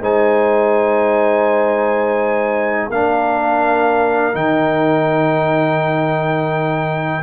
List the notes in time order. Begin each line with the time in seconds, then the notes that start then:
0.00 G#3 D#4 C5 G#5
2.90 A#3 D4 A#4 F5
4.33 D#3 D#4 G5